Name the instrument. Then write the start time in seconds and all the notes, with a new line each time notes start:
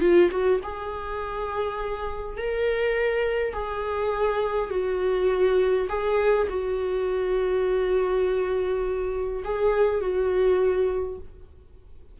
viola
0.00 F4
0.30 F#4
0.63 G#4
2.37 A#4
3.53 G#4
4.70 F#4
5.89 G#4
6.49 F#4
9.44 G#4
10.01 F#4